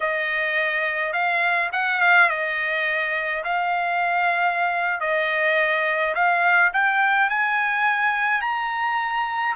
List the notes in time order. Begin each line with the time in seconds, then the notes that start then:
0.00 D#5
1.12 F5
1.72 F#5
2.00 F5
2.29 D#5
3.44 F5
5.00 D#5
6.14 F5
6.73 G5
7.29 G#5
8.41 A#5